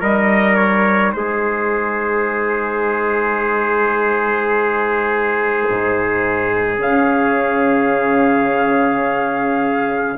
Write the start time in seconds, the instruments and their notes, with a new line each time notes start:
0.00 bassoon G3, saxophone D#4, trumpet A#4 D#5
0.55 trumpet C#5
1.13 bassoon G#3, trumpet G#4 C5
5.68 bassoon G#2
6.79 bassoon C#3, saxophone C#4, trumpet F5